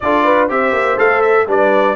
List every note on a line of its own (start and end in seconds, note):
0.00 0.50 D4
0.00 0.48 F4
0.00 0.24 A4
0.00 0.49 D5
0.24 0.47 B4
0.47 0.72 C4
0.47 0.97 G4
0.47 1.45 C5
0.47 0.98 E5
0.72 0.97 A#3
0.97 1.46 A3
0.97 1.46 A4
0.97 1.21 F5
1.21 1.46 E5
1.46 1.95 G3
1.46 1.95 D4
1.46 1.95 B4
1.46 1.95 D5